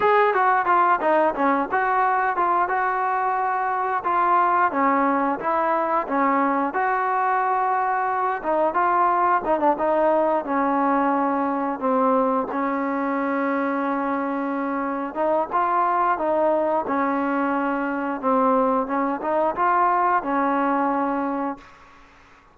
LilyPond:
\new Staff \with { instrumentName = "trombone" } { \time 4/4 \tempo 4 = 89 gis'8 fis'8 f'8 dis'8 cis'8 fis'4 f'8 | fis'2 f'4 cis'4 | e'4 cis'4 fis'2~ | fis'8 dis'8 f'4 dis'16 d'16 dis'4 cis'8~ |
cis'4. c'4 cis'4.~ | cis'2~ cis'8 dis'8 f'4 | dis'4 cis'2 c'4 | cis'8 dis'8 f'4 cis'2 | }